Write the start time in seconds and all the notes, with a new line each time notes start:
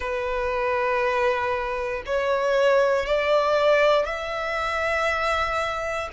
0.00 B4
2.06 C#5
3.06 D5
4.05 E5